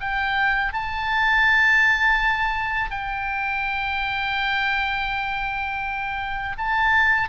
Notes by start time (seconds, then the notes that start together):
0.00 G5
0.73 A5
2.91 G5
6.58 A5